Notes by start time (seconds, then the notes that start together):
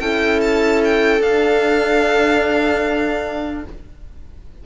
0.00 C#4 E4 A4 G5
0.41 A5
0.84 G5
1.20 D4 F5